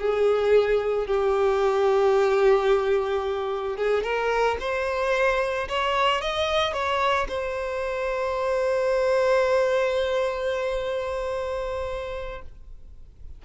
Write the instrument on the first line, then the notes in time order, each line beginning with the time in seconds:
violin
0.00 G#4
1.07 G4
3.77 G#4
4.03 A#4
4.60 C5
5.69 C#5
6.21 D#5
6.73 C#5
7.29 C5